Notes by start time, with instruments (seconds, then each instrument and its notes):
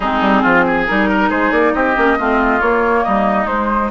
0.00 bassoon G#3, clarinet C4, oboe D#4, flute G#4
0.21 bassoon G3
0.42 bassoon F3, oboe F4
0.66 oboe G#4
0.86 bassoon G3, clarinet D#4, flute A#4
1.09 oboe A#4
1.29 bassoon G#3, oboe G#4, flute C5
1.51 bassoon A#3, flute D5
1.73 bassoon C4, oboe G4, flute D#5
1.96 bassoon A#3, clarinet C#4
2.18 bassoon A3, clarinet C4, oboe F4
2.60 bassoon A#3, clarinet A#3, flute C#5
3.04 bassoon G3, oboe D#4, flute D#5
3.46 bassoon G#3, clarinet G#3, flute C5